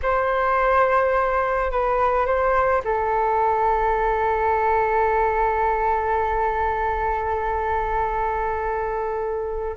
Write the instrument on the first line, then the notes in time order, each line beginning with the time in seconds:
flute
0.02 C5
1.71 B4
2.26 C5
2.84 A4